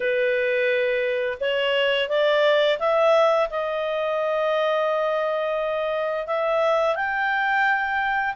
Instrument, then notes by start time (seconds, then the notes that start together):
clarinet
0.00 B4
1.40 C#5
2.08 D5
2.79 E5
3.50 D#5
6.26 E5
6.95 G5